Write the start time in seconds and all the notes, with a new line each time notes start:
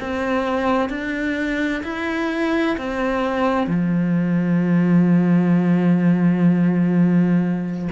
0.00 C4
0.89 D4
1.83 E4
2.77 C4
3.67 F3